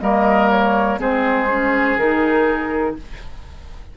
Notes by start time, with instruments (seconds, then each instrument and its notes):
0.00 bassoon G3, clarinet A#3, oboe A#4, flute D#5
0.50 flute C#5
0.98 bassoon G#3, clarinet C4, oboe G#4, flute C5
1.49 clarinet C#4
1.96 bassoon D#3, clarinet D#4, flute A#4